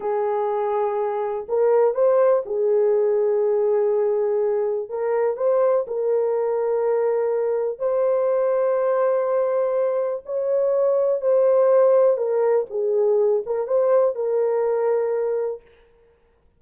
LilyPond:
\new Staff \with { instrumentName = "horn" } { \time 4/4 \tempo 4 = 123 gis'2. ais'4 | c''4 gis'2.~ | gis'2 ais'4 c''4 | ais'1 |
c''1~ | c''4 cis''2 c''4~ | c''4 ais'4 gis'4. ais'8 | c''4 ais'2. | }